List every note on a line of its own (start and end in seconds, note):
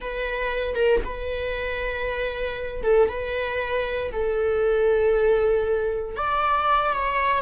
0.00 0.74 B4
0.74 1.00 A#4
1.04 2.83 B4
2.83 3.08 A4
3.09 4.11 B4
4.12 6.16 A4
6.16 6.92 D5
6.92 7.41 C#5